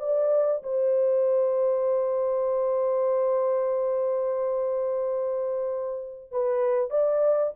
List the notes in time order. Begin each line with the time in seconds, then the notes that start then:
0.00 D5
0.63 C5
6.32 B4
6.90 D5